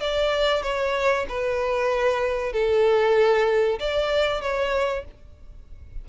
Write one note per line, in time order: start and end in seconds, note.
0.00 0.62 D5
0.62 1.25 C#5
1.28 2.52 B4
2.52 3.79 A4
3.79 4.41 D5
4.41 5.04 C#5